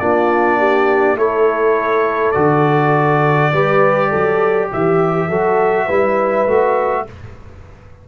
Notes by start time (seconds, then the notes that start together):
0.00 A#3 D4 F4 D5
0.59 G4
1.15 A3 E4 A4 C#5
2.32 D3 F#4 D5
3.53 G3 G4 B4
4.10 F#3 A4
4.71 E3 G4 E5
5.29 F#3 F#4 A4
5.87 G3 E4 B4
6.47 A3 F#4